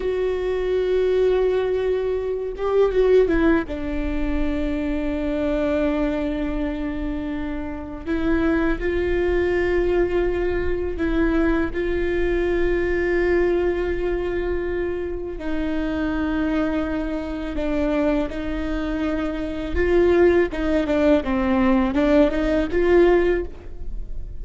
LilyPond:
\new Staff \with { instrumentName = "viola" } { \time 4/4 \tempo 4 = 82 fis'2.~ fis'8 g'8 | fis'8 e'8 d'2.~ | d'2. e'4 | f'2. e'4 |
f'1~ | f'4 dis'2. | d'4 dis'2 f'4 | dis'8 d'8 c'4 d'8 dis'8 f'4 | }